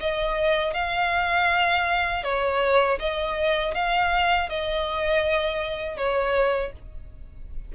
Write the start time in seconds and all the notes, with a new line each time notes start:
0.00 D#5
0.74 F5
2.24 C#5
2.99 D#5
3.74 F5
4.49 D#5
5.97 C#5